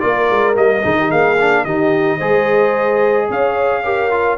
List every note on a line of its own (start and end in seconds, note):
0.00 0.30 A#3
0.00 0.55 F4
0.00 0.84 A#4
0.00 0.55 D5
0.30 0.56 G#3
0.55 0.84 G3
0.55 0.82 A#3
0.55 1.11 D#5
0.82 1.12 D#3
0.82 1.37 D#4
0.82 0.97 G#4
1.00 1.08 G4
1.08 1.65 A#3
1.08 1.63 G#4
1.08 1.65 F5
1.40 1.67 D4
1.65 2.20 D#3
1.65 2.20 D#4
1.65 2.18 G4
1.65 3.28 D#5
2.18 3.30 G#3
2.18 3.83 G#4
2.18 3.27 C5
3.29 4.38 C#4
3.29 3.83 C#5
3.29 4.38 F5
3.83 4.11 G4
3.83 4.38 A#4
4.11 4.38 F4